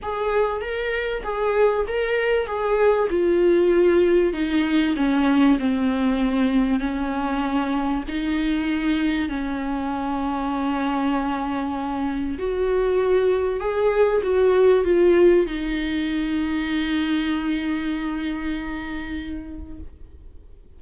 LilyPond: \new Staff \with { instrumentName = "viola" } { \time 4/4 \tempo 4 = 97 gis'4 ais'4 gis'4 ais'4 | gis'4 f'2 dis'4 | cis'4 c'2 cis'4~ | cis'4 dis'2 cis'4~ |
cis'1 | fis'2 gis'4 fis'4 | f'4 dis'2.~ | dis'1 | }